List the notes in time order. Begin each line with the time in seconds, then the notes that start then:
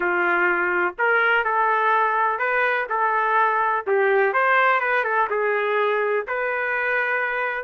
0.00 F4
0.98 A#4
1.44 A4
2.38 B4
2.89 A4
3.86 G4
4.33 C5
4.80 B4
5.04 A4
5.30 G#4
6.27 B4